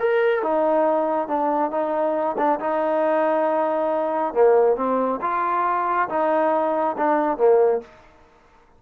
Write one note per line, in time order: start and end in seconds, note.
0.00 0.43 A#4
0.43 1.28 D#4
1.28 1.72 D4
1.72 2.37 D#4
2.38 2.60 D4
2.60 4.34 D#4
4.34 4.77 A#3
4.77 5.20 C4
5.22 6.09 F4
6.10 6.97 D#4
6.98 7.38 D4
7.38 7.81 A#3